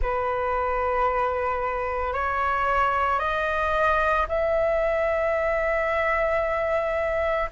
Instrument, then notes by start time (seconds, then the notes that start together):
flute
0.02 B4
2.13 C#5
3.19 D#5
4.28 E5